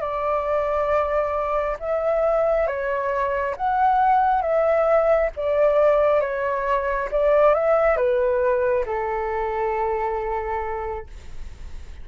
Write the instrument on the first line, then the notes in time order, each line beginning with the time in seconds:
flute
0.00 D5
1.79 E5
2.66 C#5
3.56 F#5
4.41 E5
5.36 D5
6.20 C#5
7.11 D5
7.54 E5
7.96 B4
8.86 A4